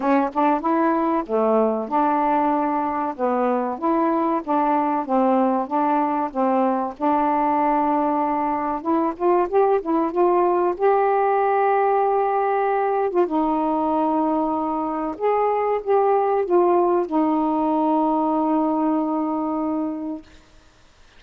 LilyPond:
\new Staff \with { instrumentName = "saxophone" } { \time 4/4 \tempo 4 = 95 cis'8 d'8 e'4 a4 d'4~ | d'4 b4 e'4 d'4 | c'4 d'4 c'4 d'4~ | d'2 e'8 f'8 g'8 e'8 |
f'4 g'2.~ | g'8. f'16 dis'2. | gis'4 g'4 f'4 dis'4~ | dis'1 | }